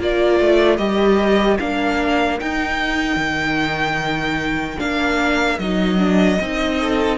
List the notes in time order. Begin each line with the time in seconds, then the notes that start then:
0.00 A#3 F4 A#4 D5
0.40 A3
0.78 G3 G4 D#5
1.60 A#3 D4 F5
2.40 D#4 G5
3.17 D#3
4.78 A#3 D4 F5
5.59 F#3 D#4 D#5
5.98 D4
6.41 C4 D#4
6.81 A4